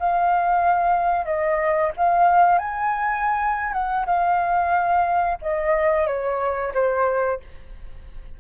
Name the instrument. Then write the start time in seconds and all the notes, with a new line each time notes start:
flute
0.00 F5
1.26 D#5
1.97 F5
2.59 G#5
3.73 F#5
4.07 F5
5.42 D#5
6.07 C#5
6.74 C5